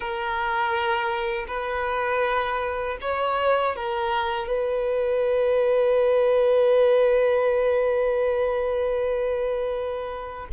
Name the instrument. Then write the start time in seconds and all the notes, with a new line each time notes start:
violin
0.00 A#4
1.47 B4
3.01 C#5
3.75 A#4
4.47 B4